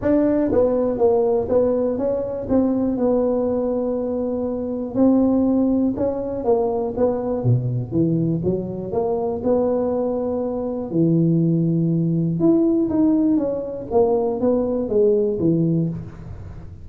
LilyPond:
\new Staff \with { instrumentName = "tuba" } { \time 4/4 \tempo 4 = 121 d'4 b4 ais4 b4 | cis'4 c'4 b2~ | b2 c'2 | cis'4 ais4 b4 b,4 |
e4 fis4 ais4 b4~ | b2 e2~ | e4 e'4 dis'4 cis'4 | ais4 b4 gis4 e4 | }